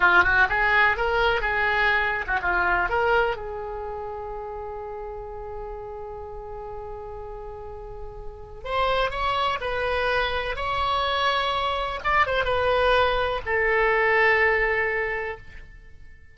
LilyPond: \new Staff \with { instrumentName = "oboe" } { \time 4/4 \tempo 4 = 125 f'8 fis'8 gis'4 ais'4 gis'4~ | gis'8. fis'16 f'4 ais'4 gis'4~ | gis'1~ | gis'1~ |
gis'2 c''4 cis''4 | b'2 cis''2~ | cis''4 d''8 c''8 b'2 | a'1 | }